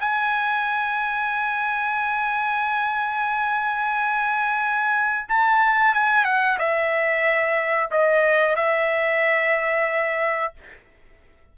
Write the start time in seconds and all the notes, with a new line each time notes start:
0.00 G#5
5.28 A5
5.94 G#5
6.25 F#5
6.59 E5
7.91 D#5
8.56 E5